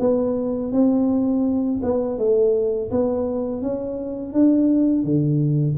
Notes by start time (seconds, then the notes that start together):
0.00 B3
0.73 C4
1.83 B3
2.19 A3
2.91 B3
3.62 C#4
4.33 D4
5.04 D3